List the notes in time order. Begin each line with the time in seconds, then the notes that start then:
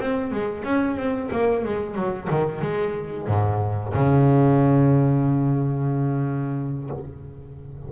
0.00 C4
0.32 G#3
0.64 C#4
0.96 C4
1.31 A#3
1.64 G#3
1.95 F#3
2.30 D#3
2.61 G#3
3.27 G#2
3.94 C#3